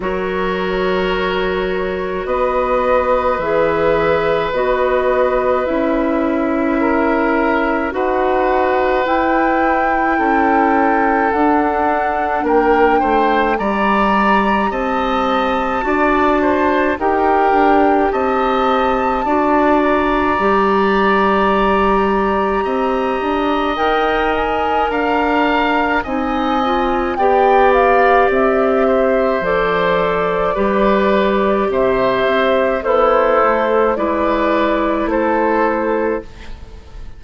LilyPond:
<<
  \new Staff \with { instrumentName = "flute" } { \time 4/4 \tempo 4 = 53 cis''2 dis''4 e''4 | dis''4 e''2 fis''4 | g''2 fis''4 g''4 | ais''4 a''2 g''4 |
a''4. ais''2~ ais''8~ | ais''4 g''8 gis''8 ais''4 gis''4 | g''8 f''8 e''4 d''2 | e''4 c''4 d''4 c''4 | }
  \new Staff \with { instrumentName = "oboe" } { \time 4/4 ais'2 b'2~ | b'2 ais'4 b'4~ | b'4 a'2 ais'8 c''8 | d''4 dis''4 d''8 c''8 ais'4 |
dis''4 d''2. | dis''2 f''4 dis''4 | d''4. c''4. b'4 | c''4 e'4 b'4 a'4 | }
  \new Staff \with { instrumentName = "clarinet" } { \time 4/4 fis'2. gis'4 | fis'4 e'2 fis'4 | e'2 d'2 | g'2 fis'4 g'4~ |
g'4 fis'4 g'2~ | g'4 ais'2 dis'8 f'8 | g'2 a'4 g'4~ | g'4 a'4 e'2 | }
  \new Staff \with { instrumentName = "bassoon" } { \time 4/4 fis2 b4 e4 | b4 cis'2 dis'4 | e'4 cis'4 d'4 ais8 a8 | g4 c'4 d'4 dis'8 d'8 |
c'4 d'4 g2 | c'8 d'8 dis'4 d'4 c'4 | b4 c'4 f4 g4 | c8 c'8 b8 a8 gis4 a4 | }
>>